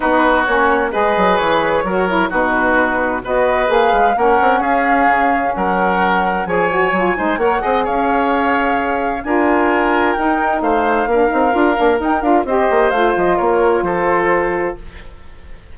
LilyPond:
<<
  \new Staff \with { instrumentName = "flute" } { \time 4/4 \tempo 4 = 130 b'4 cis''4 dis''4 cis''4~ | cis''4 b'2 dis''4 | f''4 fis''4 f''2 | fis''2 gis''2 |
fis''4 f''2. | gis''2 g''4 f''4~ | f''2 g''8 f''8 dis''4 | f''8 dis''8 cis''4 c''2 | }
  \new Staff \with { instrumentName = "oboe" } { \time 4/4 fis'2 b'2 | ais'4 fis'2 b'4~ | b'4 ais'4 gis'2 | ais'2 cis''4. c''8 |
cis''8 dis''8 cis''2. | ais'2. c''4 | ais'2. c''4~ | c''4 ais'4 a'2 | }
  \new Staff \with { instrumentName = "saxophone" } { \time 4/4 dis'4 cis'4 gis'2 | fis'8 e'8 dis'2 fis'4 | gis'4 cis'2.~ | cis'2 gis'8 fis'8 f'8 dis'8 |
ais'8 gis'2.~ gis'8 | f'2 dis'2 | d'8 dis'8 f'8 d'8 dis'8 f'8 g'4 | f'1 | }
  \new Staff \with { instrumentName = "bassoon" } { \time 4/4 b4 ais4 gis8 fis8 e4 | fis4 b,2 b4 | ais8 gis8 ais8 c'8 cis'4 cis4 | fis2 f4 fis8 gis8 |
ais8 c'8 cis'2. | d'2 dis'4 a4 | ais8 c'8 d'8 ais8 dis'8 d'8 c'8 ais8 | a8 f8 ais4 f2 | }
>>